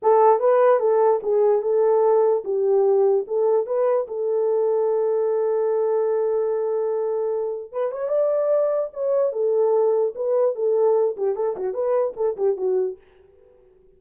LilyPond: \new Staff \with { instrumentName = "horn" } { \time 4/4 \tempo 4 = 148 a'4 b'4 a'4 gis'4 | a'2 g'2 | a'4 b'4 a'2~ | a'1~ |
a'2. b'8 cis''8 | d''2 cis''4 a'4~ | a'4 b'4 a'4. g'8 | a'8 fis'8 b'4 a'8 g'8 fis'4 | }